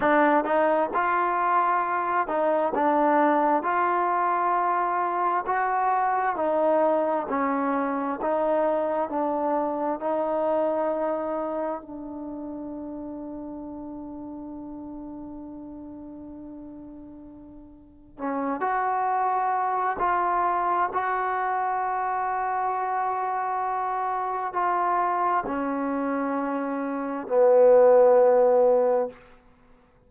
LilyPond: \new Staff \with { instrumentName = "trombone" } { \time 4/4 \tempo 4 = 66 d'8 dis'8 f'4. dis'8 d'4 | f'2 fis'4 dis'4 | cis'4 dis'4 d'4 dis'4~ | dis'4 d'2.~ |
d'1 | cis'8 fis'4. f'4 fis'4~ | fis'2. f'4 | cis'2 b2 | }